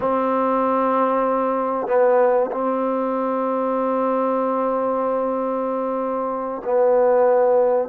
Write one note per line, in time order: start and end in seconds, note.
0.00 1.87 C4
1.87 2.50 B3
2.51 6.61 C4
6.64 7.89 B3